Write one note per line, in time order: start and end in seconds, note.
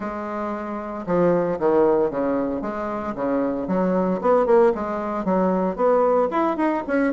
0.00 1.05 G#3
1.06 1.59 F3
1.59 2.10 D#3
2.10 2.61 C#3
2.61 3.14 G#3
3.15 3.67 C#3
3.67 4.20 F#3
4.21 4.46 B3
4.46 4.72 A#3
4.75 5.24 G#3
5.24 5.75 F#3
5.75 6.28 B3
6.31 6.56 E4
6.56 6.83 D#4
6.87 7.13 C#4